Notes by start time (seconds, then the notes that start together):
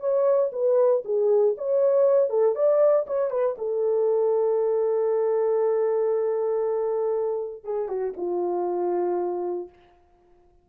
0.00 C#5
0.52 B4
1.05 G#4
1.57 C#5
2.30 A4
2.55 D5
3.07 C#5
3.30 B4
3.58 A4
7.64 G#4
7.88 F#4
8.17 F4